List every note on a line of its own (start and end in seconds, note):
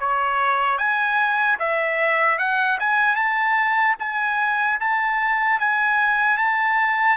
0.00 0.78 C#5
0.78 1.58 G#5
1.59 2.39 E5
2.39 2.79 F#5
2.80 3.16 G#5
3.16 3.96 A5
3.99 4.79 G#5
4.80 5.60 A5
5.60 6.37 G#5
6.37 7.17 A5